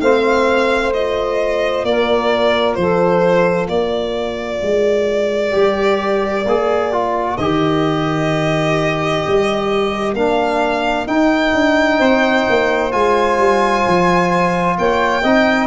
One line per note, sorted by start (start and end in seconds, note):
0.00 1.83 A3
0.00 0.93 C4
0.00 1.87 C5
0.00 0.93 F5
0.93 5.51 F4
0.93 1.85 D#5
1.83 2.75 A#3
1.83 2.79 A#4
1.83 2.74 D5
2.74 3.68 F3
2.74 3.71 A4
2.74 3.67 C5
3.68 4.61 A#3
3.68 11.99 A#4
3.68 7.37 D5
4.62 5.54 G#3
5.51 6.45 G3
5.51 6.43 G4
6.45 7.37 A#3
6.45 6.92 G#4
6.92 7.38 F4
7.37 9.22 D#3
7.37 10.17 G4
7.37 10.14 D#5
9.27 10.14 G3
10.14 11.06 A#3
10.14 11.07 D4
10.14 11.07 F5
11.07 11.53 D#4
11.07 12.91 D#4
11.07 12.92 G5
11.54 12.00 D4
11.99 12.46 C4
11.99 14.76 C5
12.49 12.93 A#3
12.91 13.38 G#3
12.91 15.22 F4
12.91 14.77 G#5
13.38 13.84 G3
13.87 14.78 F3
14.78 15.24 A#3
14.78 15.22 C#5
14.78 15.67 G5
15.22 15.67 C4
15.22 15.67 D#4
15.22 15.67 D#5